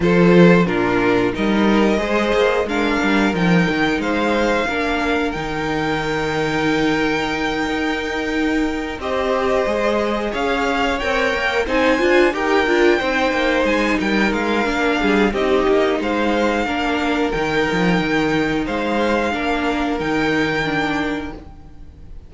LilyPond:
<<
  \new Staff \with { instrumentName = "violin" } { \time 4/4 \tempo 4 = 90 c''4 ais'4 dis''2 | f''4 g''4 f''2 | g''1~ | g''4. dis''2 f''8~ |
f''8 g''4 gis''4 g''4.~ | g''8 gis''8 g''8 f''4. dis''4 | f''2 g''2 | f''2 g''2 | }
  \new Staff \with { instrumentName = "violin" } { \time 4/4 a'4 f'4 ais'4 c''4 | ais'2 c''4 ais'4~ | ais'1~ | ais'4. c''2 cis''8~ |
cis''4. c''4 ais'4 c''8~ | c''4 ais'4. gis'8 g'4 | c''4 ais'2. | c''4 ais'2. | }
  \new Staff \with { instrumentName = "viola" } { \time 4/4 f'4 d'4 dis'4 gis'4 | d'4 dis'2 d'4 | dis'1~ | dis'4. g'4 gis'4.~ |
gis'8 ais'4 dis'8 f'8 g'8 f'8 dis'8~ | dis'2 d'4 dis'4~ | dis'4 d'4 dis'2~ | dis'4 d'4 dis'4 d'4 | }
  \new Staff \with { instrumentName = "cello" } { \time 4/4 f4 ais,4 g4 gis8 ais8 | gis8 g8 f8 dis8 gis4 ais4 | dis2.~ dis8 dis'8~ | dis'4. c'4 gis4 cis'8~ |
cis'8 c'8 ais8 c'8 d'8 dis'8 d'8 c'8 | ais8 gis8 g8 gis8 ais8 g8 c'8 ais8 | gis4 ais4 dis8 f8 dis4 | gis4 ais4 dis2 | }
>>